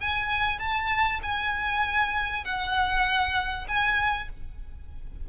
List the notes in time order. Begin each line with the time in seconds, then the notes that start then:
0.00 G#5
0.59 A5
1.22 G#5
2.45 F#5
3.68 G#5